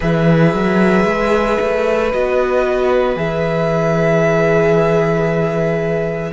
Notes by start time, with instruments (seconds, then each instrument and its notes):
0.00 cello E3, viola G#4, violin B4 E5
0.53 cello F#3
1.04 cello G#3
1.61 cello A3
2.11 cello B3, viola F#4, violin D#5
3.16 cello E3, viola G#4, violin E5